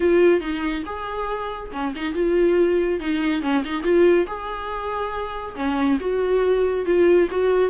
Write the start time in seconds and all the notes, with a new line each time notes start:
0.00 F4
0.40 D#4
0.85 G#4
1.72 C#4
1.95 D#4
2.14 F4
3.00 D#4
3.42 C#4
3.64 D#4
3.83 F4
4.26 G#4
5.55 C#4
6.00 F#4
6.85 F4
7.31 F#4